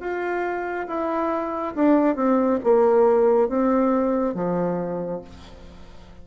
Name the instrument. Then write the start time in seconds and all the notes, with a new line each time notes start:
bassoon
0.00 F4
0.88 E4
1.75 D4
2.16 C4
2.64 A#3
3.49 C4
4.34 F3